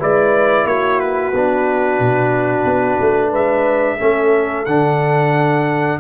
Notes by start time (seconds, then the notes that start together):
0.00 G#3 E4 B4 D5
0.65 A#3 F#4 C#5
1.00 B4
1.34 B3 D4
2.00 B2
2.65 B3
3.01 A3
3.31 G#3 B4 E5
3.99 A3 C#4 A4
4.66 D3 D4 F#5